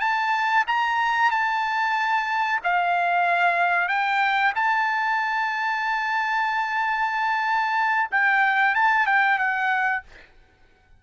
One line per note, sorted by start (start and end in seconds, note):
0.00 0.65 A5
0.68 1.31 A#5
1.31 2.60 A5
2.64 3.89 F5
3.89 4.53 G5
4.56 8.11 A5
8.11 8.75 G5
8.75 9.06 A5
9.06 9.39 G5
9.39 10.03 F#5